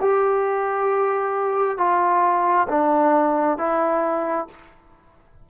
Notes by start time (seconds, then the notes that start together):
0.00 G4
1.78 F4
2.69 D4
3.58 E4